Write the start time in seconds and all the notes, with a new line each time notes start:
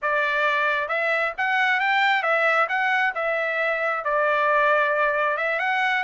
0.01 D5
0.88 E5
1.37 F#5
1.80 G5
2.22 E5
2.68 F#5
3.14 E5
4.04 D5
5.37 E5
5.59 F#5